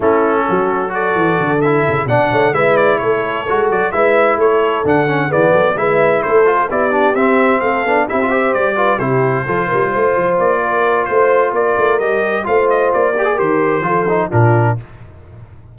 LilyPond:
<<
  \new Staff \with { instrumentName = "trumpet" } { \time 4/4 \tempo 4 = 130 a'2 d''4. e''8~ | e''8 fis''4 e''8 d''8 cis''4. | d''8 e''4 cis''4 fis''4 d''8~ | d''8 e''4 c''4 d''4 e''8~ |
e''8 f''4 e''4 d''4 c''8~ | c''2~ c''8 d''4. | c''4 d''4 dis''4 f''8 dis''8 | d''4 c''2 ais'4 | }
  \new Staff \with { instrumentName = "horn" } { \time 4/4 e'4 fis'4 a'2~ | a'8 d''8 cis''8 b'4 a'4.~ | a'8 b'4 a'2 gis'8 | a'8 b'4 a'4 g'4.~ |
g'8 a'4 g'8 c''4 b'8 g'8~ | g'8 a'8 ais'8 c''4. ais'4 | c''4 ais'2 c''4~ | c''8 ais'4. a'4 f'4 | }
  \new Staff \with { instrumentName = "trombone" } { \time 4/4 cis'2 fis'4. e'8~ | e'8 d'4 e'2 fis'8~ | fis'8 e'2 d'8 cis'8 b8~ | b8 e'4. f'8 e'8 d'8 c'8~ |
c'4 d'8 e'16 f'16 g'4 f'8 e'8~ | e'8 f'2.~ f'8~ | f'2 g'4 f'4~ | f'8 g'16 gis'16 g'4 f'8 dis'8 d'4 | }
  \new Staff \with { instrumentName = "tuba" } { \time 4/4 a4 fis4. e8 d4 | cis8 b,8 a8 gis4 a4 gis8 | fis8 gis4 a4 d4 e8 | fis8 gis4 a4 b4 c'8~ |
c'8 a8 b8 c'4 g4 c8~ | c8 f8 g8 a8 f8 ais4. | a4 ais8 a8 g4 a4 | ais4 dis4 f4 ais,4 | }
>>